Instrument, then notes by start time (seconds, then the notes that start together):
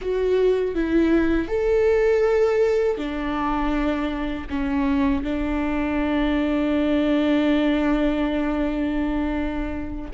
viola
0.01 F#4
0.74 E4
1.48 A4
2.97 D4
4.49 C#4
5.23 D4